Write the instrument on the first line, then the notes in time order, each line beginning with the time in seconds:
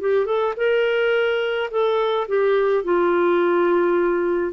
clarinet
0.00 G4
0.25 A4
0.57 A#4
1.71 A4
2.27 G4
2.84 F4